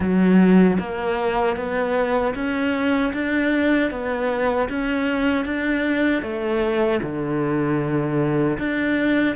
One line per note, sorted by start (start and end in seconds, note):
0.00 0.77 F#3
0.79 1.56 A#3
1.56 2.34 B3
2.34 3.12 C#4
3.13 3.90 D4
3.90 4.68 B3
4.69 5.45 C#4
5.45 6.22 D4
6.22 7.00 A3
7.02 8.58 D3
8.58 9.35 D4